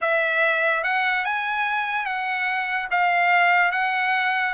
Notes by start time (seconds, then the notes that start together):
0.01 E5
0.83 F#5
1.24 G#5
2.05 F#5
2.90 F5
3.71 F#5